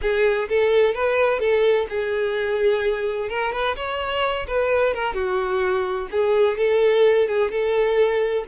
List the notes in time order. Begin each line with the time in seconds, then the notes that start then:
0.01 G#4
0.48 A4
0.94 B4
1.39 A4
1.89 G#4
3.29 A#4
3.52 B4
3.76 C#5
4.47 B4
4.94 A#4
5.14 F#4
6.11 G#4
6.57 A4
7.28 G#4
7.51 A4